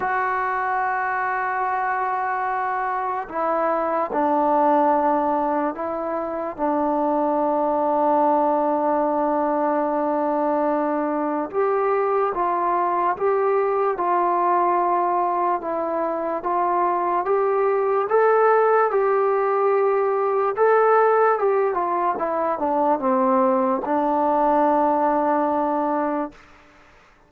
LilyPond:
\new Staff \with { instrumentName = "trombone" } { \time 4/4 \tempo 4 = 73 fis'1 | e'4 d'2 e'4 | d'1~ | d'2 g'4 f'4 |
g'4 f'2 e'4 | f'4 g'4 a'4 g'4~ | g'4 a'4 g'8 f'8 e'8 d'8 | c'4 d'2. | }